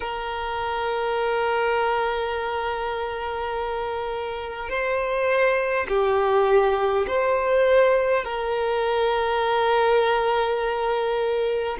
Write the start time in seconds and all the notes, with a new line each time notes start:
0.00 A#4
4.69 C5
5.88 G4
7.07 C5
8.24 A#4